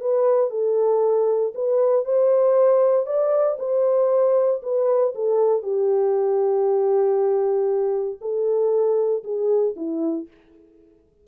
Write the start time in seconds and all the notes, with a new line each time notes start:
0.00 B4
0.50 A4
1.54 B4
2.05 C5
3.06 D5
3.59 C5
4.62 B4
5.15 A4
5.62 G4
8.21 A4
9.24 G#4
9.76 E4